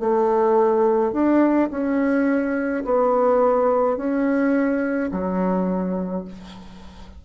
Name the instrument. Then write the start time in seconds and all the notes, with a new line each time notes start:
bassoon
0.00 A3
1.13 D4
1.71 C#4
2.85 B3
3.97 C#4
5.11 F#3